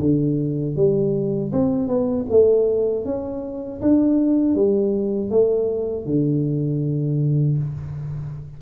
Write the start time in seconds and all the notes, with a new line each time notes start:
0.00 D3
0.76 G3
1.52 C4
1.88 B3
2.30 A3
3.05 C#4
3.81 D4
4.55 G3
5.30 A3
6.06 D3